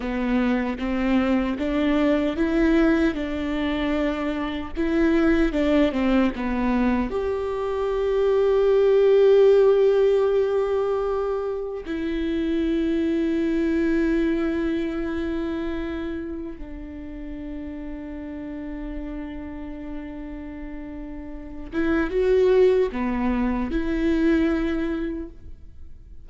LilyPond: \new Staff \with { instrumentName = "viola" } { \time 4/4 \tempo 4 = 76 b4 c'4 d'4 e'4 | d'2 e'4 d'8 c'8 | b4 g'2.~ | g'2. e'4~ |
e'1~ | e'4 d'2.~ | d'2.~ d'8 e'8 | fis'4 b4 e'2 | }